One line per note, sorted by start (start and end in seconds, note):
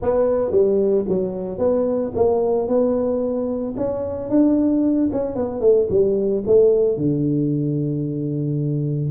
0.02 0.51 B3
0.51 1.04 G3
1.08 1.58 F#3
1.58 2.12 B3
2.15 2.67 A#3
2.67 3.75 B3
3.76 4.29 C#4
4.29 5.09 D4
5.12 5.35 C#4
5.35 5.60 B3
5.60 5.87 A3
5.90 6.43 G3
6.46 6.97 A3
6.97 9.10 D3